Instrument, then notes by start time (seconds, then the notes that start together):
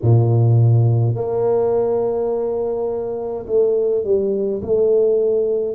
tuba
0.02 A#2
1.15 A#3
3.46 A3
4.04 G3
4.62 A3